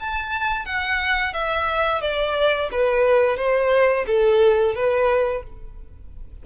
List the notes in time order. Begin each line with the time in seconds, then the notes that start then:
0.00 A5
0.66 F#5
1.34 E5
2.01 D5
2.72 B4
3.37 C5
4.07 A4
4.75 B4